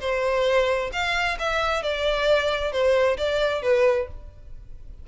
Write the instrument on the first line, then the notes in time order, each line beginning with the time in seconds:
violin
0.00 C5
0.92 F5
1.39 E5
1.82 D5
2.72 C5
3.17 D5
3.62 B4